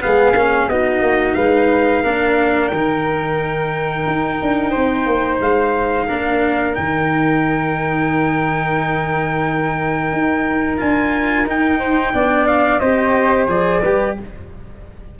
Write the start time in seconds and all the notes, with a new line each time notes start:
0.00 G#3 B3 G#4 F5
0.33 A#3 C#4
0.69 B3 D#4 F#4 D#5
1.01 A#3
1.34 G#3 B4 F5
2.03 A#3 D4 A#4
2.68 D#3 G5
2.74 D#4
4.06 D#4
4.42 D4
4.70 C4 C5
5.06 A#3
5.40 G#3 F5
6.06 A#3 D4 A#4
6.73 D#3 D#4 G5
10.12 D#4
10.77 D4 F4 G#5
11.46 D#4 G5
11.79 C5
12.13 B3 D4 D5
12.47 F5
12.79 C4 G4 C5 D#5
13.48 F3 G#4 D5
13.81 G3 G4 B4